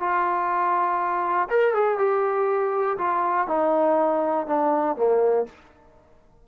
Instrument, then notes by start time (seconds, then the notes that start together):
trombone
0.00 F4
1.50 A#4
1.75 G#4
1.98 G4
2.98 F4
3.48 D#4
4.47 D4
4.97 A#3